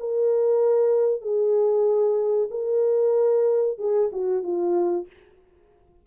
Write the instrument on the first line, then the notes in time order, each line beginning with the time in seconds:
horn
0.00 A#4
1.21 G#4
2.51 A#4
3.78 G#4
4.12 F#4
4.43 F4